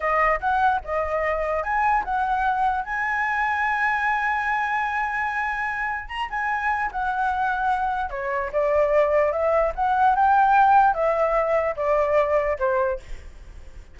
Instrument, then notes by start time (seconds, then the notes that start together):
flute
0.00 D#5
0.40 F#5
0.84 D#5
1.63 G#5
2.04 F#5
2.84 G#5
6.08 A#5
6.29 G#5
6.91 F#5
8.10 C#5
8.52 D5
9.32 E5
9.75 F#5
10.15 G5
10.94 E5
11.76 D5
12.59 C5